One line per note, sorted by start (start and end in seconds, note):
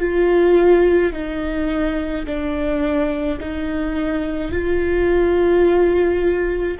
0.00 1.13 F4
1.13 2.26 D#4
2.26 3.40 D4
3.40 4.52 D#4
4.52 6.78 F4